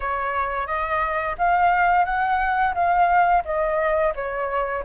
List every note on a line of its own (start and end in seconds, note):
0.00 0.66 C#5
0.66 1.35 D#5
1.38 2.05 F5
2.05 2.74 F#5
2.74 3.43 F5
3.45 4.13 D#5
4.15 4.84 C#5